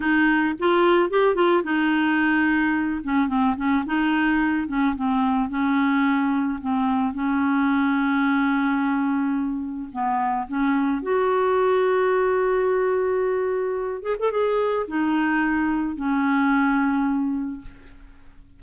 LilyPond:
\new Staff \with { instrumentName = "clarinet" } { \time 4/4 \tempo 4 = 109 dis'4 f'4 g'8 f'8 dis'4~ | dis'4. cis'8 c'8 cis'8 dis'4~ | dis'8 cis'8 c'4 cis'2 | c'4 cis'2.~ |
cis'2 b4 cis'4 | fis'1~ | fis'4. gis'16 a'16 gis'4 dis'4~ | dis'4 cis'2. | }